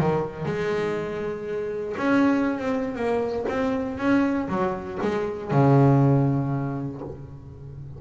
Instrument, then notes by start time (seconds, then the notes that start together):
double bass
0.00 D#3
0.46 G#3
1.97 C#4
2.59 C4
2.96 A#3
3.49 C4
3.98 C#4
4.49 F#3
5.02 G#3
5.51 C#3